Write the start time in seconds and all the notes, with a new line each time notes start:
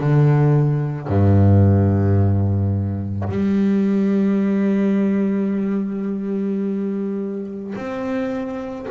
0.00 D3
1.08 G2
3.29 G3
7.75 C4